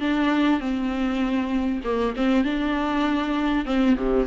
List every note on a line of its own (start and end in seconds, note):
0.00 0.60 D4
0.60 1.81 C4
1.84 2.14 A#3
2.16 2.44 C4
2.44 3.65 D4
3.66 3.96 C4
3.96 4.26 C3